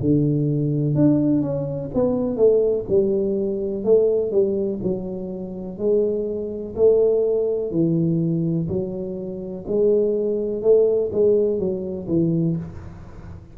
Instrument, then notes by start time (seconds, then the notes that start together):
tuba
0.00 D3
0.95 D4
1.41 C#4
1.94 B3
2.36 A3
2.88 G3
3.84 A3
4.31 G3
4.82 F#3
5.78 G#3
6.75 A3
7.71 E3
8.68 F#3
9.67 G#3
10.62 A3
11.12 G#3
11.59 F#3
12.07 E3